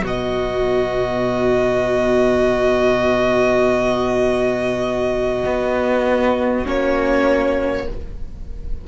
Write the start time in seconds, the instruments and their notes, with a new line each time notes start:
0.00 cello B2, viola B3, violin F#4
0.06 violin D#5
5.45 cello B3
6.64 cello A#3, viola C#4, violin C#5